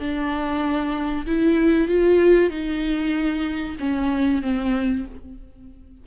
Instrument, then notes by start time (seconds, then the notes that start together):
viola
0.00 D4
1.27 E4
1.88 F4
2.50 D#4
3.80 C#4
4.43 C4